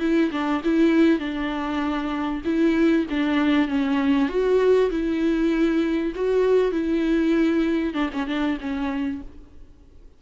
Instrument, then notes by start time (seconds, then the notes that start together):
viola
0.00 E4
0.31 D4
0.64 E4
1.19 D4
2.45 E4
3.10 D4
3.68 C#4
4.29 F#4
4.90 E4
6.15 F#4
6.72 E4
7.94 D4
8.13 C#4
8.27 D4
8.60 C#4